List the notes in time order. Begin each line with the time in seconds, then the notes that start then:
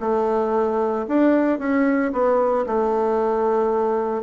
0.00 A3
1.08 D4
1.59 C#4
2.13 B3
2.66 A3